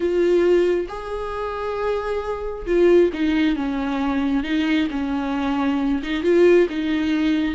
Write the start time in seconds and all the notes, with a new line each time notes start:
0.00 F4
0.88 G#4
2.66 F4
3.13 D#4
3.56 C#4
4.43 D#4
4.91 C#4
6.02 D#4
6.23 F4
6.69 D#4